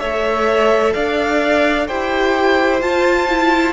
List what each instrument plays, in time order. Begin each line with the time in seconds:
0.00 cello A3, viola A4, violin C#5 E5
0.94 cello D4, violin D5 F5
1.88 cello E4, viola G4, violin C5 G5
2.81 viola F4, cello F4, violin A5
3.29 viola E4